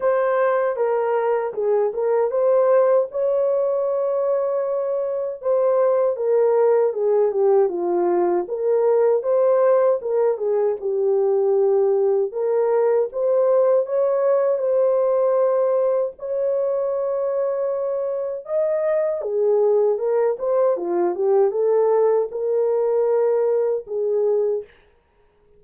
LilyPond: \new Staff \with { instrumentName = "horn" } { \time 4/4 \tempo 4 = 78 c''4 ais'4 gis'8 ais'8 c''4 | cis''2. c''4 | ais'4 gis'8 g'8 f'4 ais'4 | c''4 ais'8 gis'8 g'2 |
ais'4 c''4 cis''4 c''4~ | c''4 cis''2. | dis''4 gis'4 ais'8 c''8 f'8 g'8 | a'4 ais'2 gis'4 | }